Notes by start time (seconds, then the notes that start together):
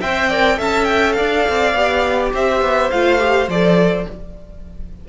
0.00 C4 C5 E5 G5
0.29 A#4 D5
0.57 C#4 A4 E5 A5
0.84 G5
1.12 D5 F5
1.19 D4
1.49 C4
1.74 B3 G4
2.33 C4 C5 E5
2.61 B3
2.90 A3 F4 F5
3.19 G4
3.47 F3 A4 D5